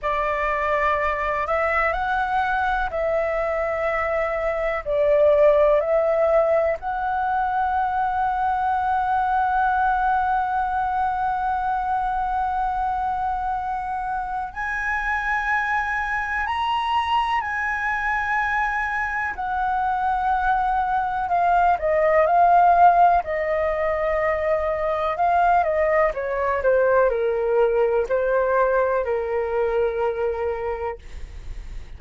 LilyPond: \new Staff \with { instrumentName = "flute" } { \time 4/4 \tempo 4 = 62 d''4. e''8 fis''4 e''4~ | e''4 d''4 e''4 fis''4~ | fis''1~ | fis''2. gis''4~ |
gis''4 ais''4 gis''2 | fis''2 f''8 dis''8 f''4 | dis''2 f''8 dis''8 cis''8 c''8 | ais'4 c''4 ais'2 | }